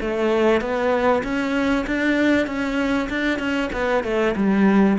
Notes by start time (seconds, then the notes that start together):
0.00 A3
0.60 B3
1.23 C#4
1.86 D4
2.46 C#4
3.09 D4
3.39 C#4
3.72 B3
4.03 A3
4.36 G3